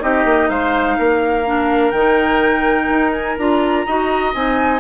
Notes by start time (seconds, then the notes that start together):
0.00 C4 D#4 G4 D#5
0.25 A#3
0.49 G#3 C5 F5
0.98 A#3 A#4
1.45 D4
1.91 D#3 G5
1.97 D#4
2.89 D#4
3.12 G#5
3.37 D4 F4 A#5
3.86 D#4 F#4 D#5
4.34 C4 D#4 G#5